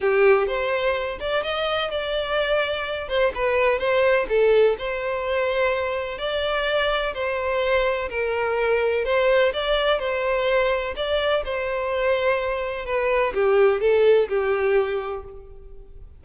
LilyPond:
\new Staff \with { instrumentName = "violin" } { \time 4/4 \tempo 4 = 126 g'4 c''4. d''8 dis''4 | d''2~ d''8 c''8 b'4 | c''4 a'4 c''2~ | c''4 d''2 c''4~ |
c''4 ais'2 c''4 | d''4 c''2 d''4 | c''2. b'4 | g'4 a'4 g'2 | }